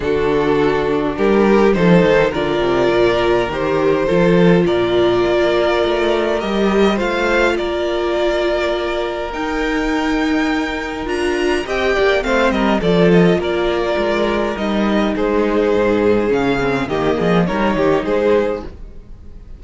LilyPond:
<<
  \new Staff \with { instrumentName = "violin" } { \time 4/4 \tempo 4 = 103 a'2 ais'4 c''4 | d''2 c''2 | d''2. dis''4 | f''4 d''2. |
g''2. ais''4 | g''4 f''8 dis''8 d''8 dis''8 d''4~ | d''4 dis''4 c''2 | f''4 dis''4 cis''4 c''4 | }
  \new Staff \with { instrumentName = "violin" } { \time 4/4 fis'2 g'4 a'4 | ais'2. a'4 | ais'1 | c''4 ais'2.~ |
ais'1 | dis''8 d''8 c''8 ais'8 a'4 ais'4~ | ais'2 gis'2~ | gis'4 g'8 gis'8 ais'8 g'8 gis'4 | }
  \new Staff \with { instrumentName = "viola" } { \time 4/4 d'2. dis'4 | f'2 g'4 f'4~ | f'2. g'4 | f'1 |
dis'2. f'4 | g'4 c'4 f'2~ | f'4 dis'2. | cis'8 c'8 ais4 dis'2 | }
  \new Staff \with { instrumentName = "cello" } { \time 4/4 d2 g4 f8 dis8 | d8 c8 ais,4 dis4 f4 | ais,4 ais4 a4 g4 | a4 ais2. |
dis'2. d'4 | c'8 ais8 a8 g8 f4 ais4 | gis4 g4 gis4 gis,4 | cis4 dis8 f8 g8 dis8 gis4 | }
>>